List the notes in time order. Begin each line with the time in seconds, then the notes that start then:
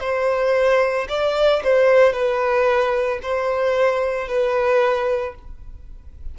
0.00 C5
1.09 D5
1.64 C5
2.12 B4
3.22 C5
4.28 B4